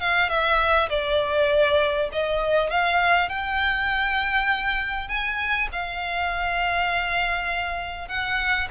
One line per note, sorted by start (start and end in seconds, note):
0.00 0.29 F5
0.29 0.89 E5
0.89 2.09 D5
2.12 2.70 D#5
2.70 3.29 F5
3.29 5.08 G5
5.08 5.68 G#5
5.72 8.08 F5
8.08 8.68 F#5